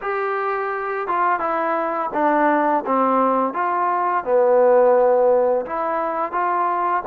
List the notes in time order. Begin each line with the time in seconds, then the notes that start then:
0.01 G4
1.07 F4
1.39 E4
2.13 D4
2.86 C4
3.53 F4
4.24 B3
5.65 E4
6.32 F4